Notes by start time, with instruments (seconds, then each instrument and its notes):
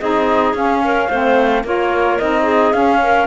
0.00 cello C4, saxophone D#4, clarinet G#4, flute D#5
0.54 cello C#4, saxophone C#4, flute F5
0.84 clarinet A#4
1.09 cello A3, saxophone C4, clarinet C5
1.64 cello A#3, saxophone F4, clarinet A#4, flute C#5
2.19 cello C4, saxophone D#4, flute D#5
2.43 clarinet G#4
2.74 saxophone C#4, cello C#4, flute F5
3.02 clarinet A#4